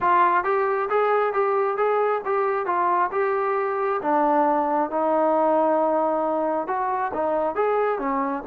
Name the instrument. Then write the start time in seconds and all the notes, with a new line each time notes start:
trombone
0.01 F4
0.44 G4
0.89 G#4
1.33 G4
1.77 G#4
2.25 G4
2.66 F4
3.11 G4
4.02 D4
4.90 D#4
6.67 F#4
7.13 D#4
7.55 G#4
7.98 C#4